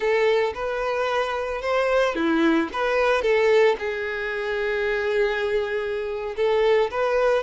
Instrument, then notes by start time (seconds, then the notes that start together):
violin
0.00 A4
0.54 B4
1.61 C5
2.15 E4
2.72 B4
3.22 A4
3.78 G#4
6.36 A4
6.90 B4